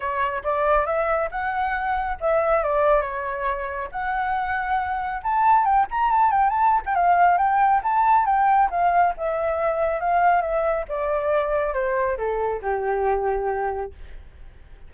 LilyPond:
\new Staff \with { instrumentName = "flute" } { \time 4/4 \tempo 4 = 138 cis''4 d''4 e''4 fis''4~ | fis''4 e''4 d''4 cis''4~ | cis''4 fis''2. | a''4 g''8 ais''8 a''8 g''8 a''8. g''16 |
f''4 g''4 a''4 g''4 | f''4 e''2 f''4 | e''4 d''2 c''4 | a'4 g'2. | }